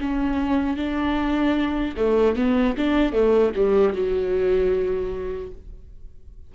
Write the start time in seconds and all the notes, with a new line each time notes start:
0.00 C#4
0.76 D4
1.97 A3
2.36 B3
2.77 D4
3.13 A3
3.55 G3
3.93 F#3